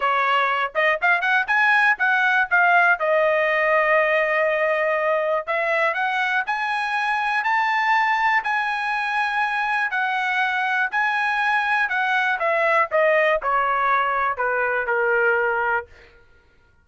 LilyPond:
\new Staff \with { instrumentName = "trumpet" } { \time 4/4 \tempo 4 = 121 cis''4. dis''8 f''8 fis''8 gis''4 | fis''4 f''4 dis''2~ | dis''2. e''4 | fis''4 gis''2 a''4~ |
a''4 gis''2. | fis''2 gis''2 | fis''4 e''4 dis''4 cis''4~ | cis''4 b'4 ais'2 | }